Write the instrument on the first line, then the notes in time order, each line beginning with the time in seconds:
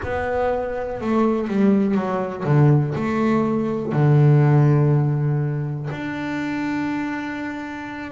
double bass
0.03 B3
1.01 A3
1.48 G3
1.94 F#3
2.45 D3
2.95 A3
3.92 D3
5.91 D4